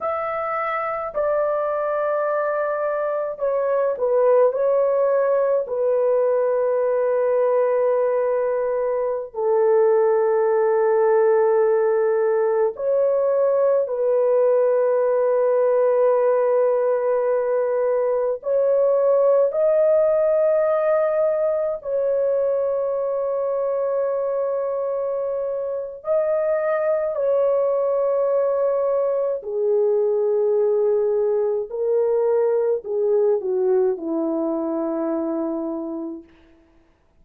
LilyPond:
\new Staff \with { instrumentName = "horn" } { \time 4/4 \tempo 4 = 53 e''4 d''2 cis''8 b'8 | cis''4 b'2.~ | b'16 a'2. cis''8.~ | cis''16 b'2.~ b'8.~ |
b'16 cis''4 dis''2 cis''8.~ | cis''2. dis''4 | cis''2 gis'2 | ais'4 gis'8 fis'8 e'2 | }